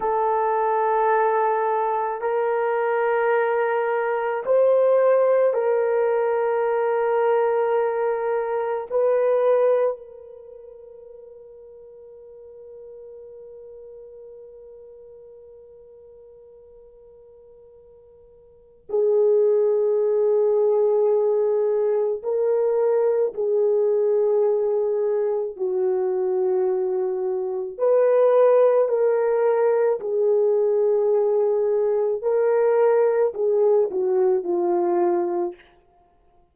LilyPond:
\new Staff \with { instrumentName = "horn" } { \time 4/4 \tempo 4 = 54 a'2 ais'2 | c''4 ais'2. | b'4 ais'2.~ | ais'1~ |
ais'4 gis'2. | ais'4 gis'2 fis'4~ | fis'4 b'4 ais'4 gis'4~ | gis'4 ais'4 gis'8 fis'8 f'4 | }